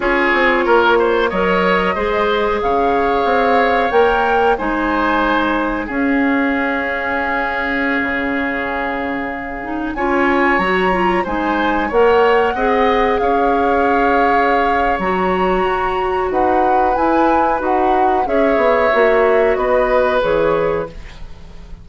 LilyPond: <<
  \new Staff \with { instrumentName = "flute" } { \time 4/4 \tempo 4 = 92 cis''2 dis''2 | f''2 g''4 gis''4~ | gis''4 f''2.~ | f''2.~ f''16 gis''8.~ |
gis''16 ais''4 gis''4 fis''4.~ fis''16~ | fis''16 f''2~ f''8. ais''4~ | ais''4 fis''4 gis''4 fis''4 | e''2 dis''4 cis''4 | }
  \new Staff \with { instrumentName = "oboe" } { \time 4/4 gis'4 ais'8 c''8 cis''4 c''4 | cis''2. c''4~ | c''4 gis'2.~ | gis'2.~ gis'16 cis''8.~ |
cis''4~ cis''16 c''4 cis''4 dis''8.~ | dis''16 cis''2.~ cis''8.~ | cis''4 b'2. | cis''2 b'2 | }
  \new Staff \with { instrumentName = "clarinet" } { \time 4/4 f'2 ais'4 gis'4~ | gis'2 ais'4 dis'4~ | dis'4 cis'2.~ | cis'2~ cis'8. dis'8 f'8.~ |
f'16 fis'8 f'8 dis'4 ais'4 gis'8.~ | gis'2. fis'4~ | fis'2 e'4 fis'4 | gis'4 fis'2 gis'4 | }
  \new Staff \with { instrumentName = "bassoon" } { \time 4/4 cis'8 c'8 ais4 fis4 gis4 | cis4 c'4 ais4 gis4~ | gis4 cis'2.~ | cis'16 cis2. cis'8.~ |
cis'16 fis4 gis4 ais4 c'8.~ | c'16 cis'2~ cis'8. fis4 | fis'4 dis'4 e'4 dis'4 | cis'8 b8 ais4 b4 e4 | }
>>